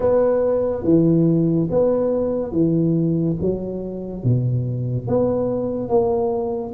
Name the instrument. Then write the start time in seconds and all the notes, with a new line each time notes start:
tuba
0.00 B3
0.84 E3
1.70 B3
2.52 E3
3.41 F#3
4.23 B2
5.07 B3
5.88 A#3